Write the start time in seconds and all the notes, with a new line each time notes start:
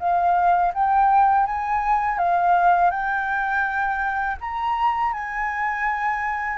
0.00 F5
0.74 G5
1.47 G#5
2.19 F5
2.91 G5
4.41 A#5
5.14 G#5